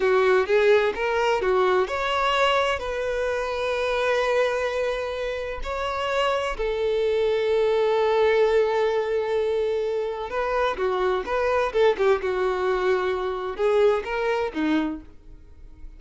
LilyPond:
\new Staff \with { instrumentName = "violin" } { \time 4/4 \tempo 4 = 128 fis'4 gis'4 ais'4 fis'4 | cis''2 b'2~ | b'1 | cis''2 a'2~ |
a'1~ | a'2 b'4 fis'4 | b'4 a'8 g'8 fis'2~ | fis'4 gis'4 ais'4 dis'4 | }